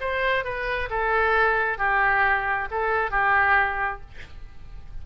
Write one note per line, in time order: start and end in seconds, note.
0.00 0.44 C5
0.44 0.89 B4
0.90 1.78 A4
1.78 2.68 G4
2.70 3.11 A4
3.11 4.01 G4